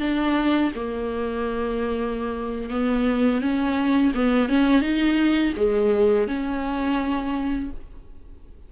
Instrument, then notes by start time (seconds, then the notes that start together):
viola
0.00 D4
0.75 A#3
2.70 B3
3.41 C#4
4.14 B3
4.49 C#4
4.81 D#4
5.56 G#3
6.27 C#4